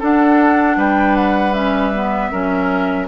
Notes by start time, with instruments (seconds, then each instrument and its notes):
0.00 clarinet D4, bassoon D4, oboe A4, flute F#5
0.77 bassoon G3, oboe B4, flute G5
1.16 flute F#5
1.54 clarinet C#4, flute E5
1.94 clarinet B3
2.32 bassoon F#3, clarinet C#4, oboe A#4